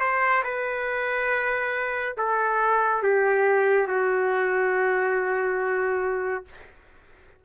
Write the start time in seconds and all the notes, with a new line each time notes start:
0.00 C5
0.44 B4
2.17 A4
3.02 G4
3.87 F#4